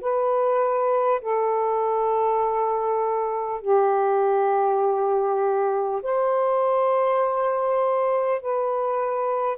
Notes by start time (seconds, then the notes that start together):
0.00 B4
1.21 A4
3.61 G4
6.02 C5
8.41 B4